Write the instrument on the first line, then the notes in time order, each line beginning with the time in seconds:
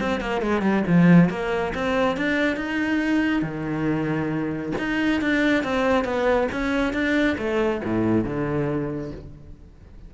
cello
0.00 C4
0.20 A#3
0.41 G#3
0.62 G3
0.87 F3
1.29 A#3
1.74 C4
2.17 D4
2.56 D#4
3.42 D#3
4.78 D#4
5.21 D4
5.64 C4
6.04 B3
6.52 C#4
6.93 D4
7.38 A3
7.84 A2
8.24 D3